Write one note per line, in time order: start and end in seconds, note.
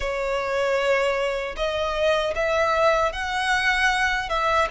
0.00 1.55 C#5
1.56 2.34 D#5
2.35 3.12 E5
3.12 4.29 F#5
4.29 4.68 E5